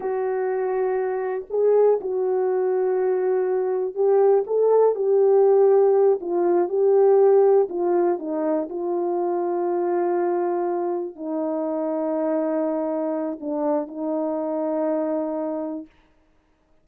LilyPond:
\new Staff \with { instrumentName = "horn" } { \time 4/4 \tempo 4 = 121 fis'2. gis'4 | fis'1 | g'4 a'4 g'2~ | g'8 f'4 g'2 f'8~ |
f'8 dis'4 f'2~ f'8~ | f'2~ f'8 dis'4.~ | dis'2. d'4 | dis'1 | }